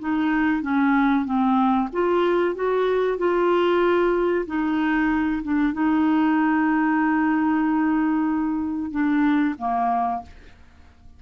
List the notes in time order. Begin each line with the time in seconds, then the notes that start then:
0.00 D#4
0.62 C#4
1.25 C4
1.93 F4
2.56 F#4
3.18 F4
4.47 D#4
5.43 D4
5.74 D#4
8.92 D4
9.59 A#3